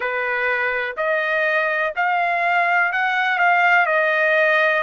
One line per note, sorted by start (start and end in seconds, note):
0.00 0.95 B4
0.97 1.94 D#5
1.96 2.92 F5
2.92 3.38 F#5
3.38 3.86 F5
3.86 4.82 D#5